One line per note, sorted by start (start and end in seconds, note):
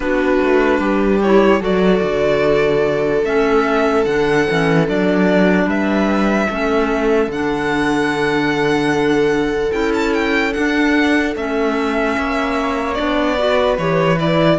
0.00 0.39 B3
0.00 1.20 D4
0.00 0.80 F#4
0.00 1.21 B4
0.42 0.79 A3
0.79 1.60 G3
0.79 1.60 G4
1.21 1.60 E4
1.21 1.62 C#5
1.60 2.01 F#3
1.60 3.22 F#4
1.60 5.66 A4
1.60 3.24 D5
2.02 3.23 D3
3.23 4.04 A3
3.23 4.06 C#4
3.23 4.04 E5
4.04 4.47 D3
4.04 4.47 D4
4.04 4.85 F#5
4.48 4.89 E3
4.48 4.86 C#4
4.86 5.66 F#3
4.86 6.48 D4
4.86 5.69 D5
5.66 6.47 G3
5.66 6.47 B4
5.66 7.31 E5
6.49 7.27 A3
6.49 7.31 C#4
6.49 12.16 A4
7.27 9.70 D3
7.27 9.71 D4
7.27 9.71 F#5
9.71 10.55 C#4
9.71 10.52 E4
9.71 9.92 G5
9.94 10.13 A5
10.13 10.53 G5
10.52 11.33 D4
10.52 11.35 D4
10.52 11.34 F#5
11.35 12.16 A3
11.35 12.96 C#4
11.35 12.94 E5
12.17 12.98 A#3
12.17 13.37 C#5
12.94 13.78 B3
12.94 13.36 D4
12.94 13.75 D5
13.37 13.78 F#4
13.37 14.58 B4
13.78 14.59 E3
13.78 14.16 G4
13.78 14.19 C#5
14.16 14.57 E4
14.16 14.59 D5